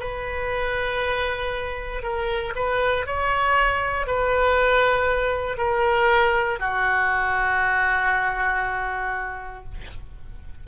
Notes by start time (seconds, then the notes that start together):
0.00 B4
2.03 A#4
2.56 B4
3.06 C#5
4.07 B4
5.58 A#4
6.60 F#4